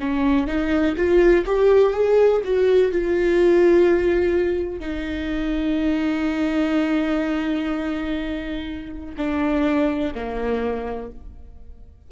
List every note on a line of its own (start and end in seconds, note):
0.00 0.48 C#4
0.48 0.96 D#4
0.97 1.45 F4
1.46 1.94 G4
1.94 2.42 G#4
2.45 2.92 F#4
2.92 4.80 F4
4.80 9.15 D#4
9.18 10.14 D4
10.15 11.12 A#3